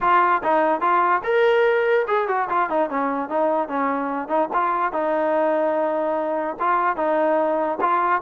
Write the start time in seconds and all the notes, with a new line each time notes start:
0.00 F4
0.43 D#4
0.81 F4
1.23 A#4
2.07 G#4
2.28 F#4
2.49 F4
2.69 D#4
2.89 C#4
3.29 D#4
3.68 C#4
4.28 D#4
4.53 F4
4.92 D#4
6.59 F4
6.96 D#4
7.80 F4